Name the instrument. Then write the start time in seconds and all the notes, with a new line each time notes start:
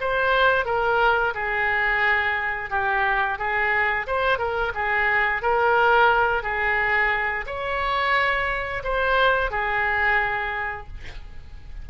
oboe
0.00 C5
0.65 A#4
1.34 G#4
2.70 G4
3.38 G#4
4.06 C5
4.38 A#4
4.74 G#4
5.42 A#4
6.42 G#4
7.46 C#5
8.83 C5
9.51 G#4